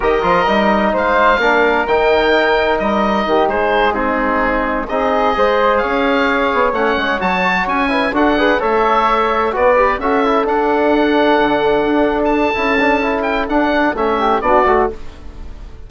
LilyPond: <<
  \new Staff \with { instrumentName = "oboe" } { \time 4/4 \tempo 4 = 129 dis''2 f''2 | g''2 dis''4. c''8~ | c''8 gis'2 dis''4.~ | dis''8 f''2 fis''4 a''8~ |
a''8 gis''4 fis''4 e''4.~ | e''8 d''4 e''4 fis''4.~ | fis''2~ fis''16 a''4.~ a''16~ | a''8 g''8 fis''4 e''4 d''4 | }
  \new Staff \with { instrumentName = "flute" } { \time 4/4 ais'2 c''4 ais'4~ | ais'2. g'8 gis'8~ | gis'8 dis'2 gis'4 c''8~ | c''8 cis''2.~ cis''8~ |
cis''4 b'8 a'8 b'8 cis''4.~ | cis''8 b'4 a'2~ a'8~ | a'1~ | a'2~ a'8 g'8 fis'4 | }
  \new Staff \with { instrumentName = "trombone" } { \time 4/4 g'8 f'8 dis'2 d'4 | dis'1~ | dis'8 c'2 dis'4 gis'8~ | gis'2~ gis'8 cis'4 fis'8~ |
fis'4 e'8 fis'8 gis'8 a'4.~ | a'8 fis'8 g'8 fis'8 e'8 d'4.~ | d'2. e'8 d'8 | e'4 d'4 cis'4 d'8 fis'8 | }
  \new Staff \with { instrumentName = "bassoon" } { \time 4/4 dis8 f8 g4 gis4 ais4 | dis2 g4 dis8 gis8~ | gis2~ gis8 c'4 gis8~ | gis8 cis'4. b8 a8 gis8 fis8~ |
fis8 cis'4 d'4 a4.~ | a8 b4 cis'4 d'4.~ | d'8 d4 d'4. cis'4~ | cis'4 d'4 a4 b8 a8 | }
>>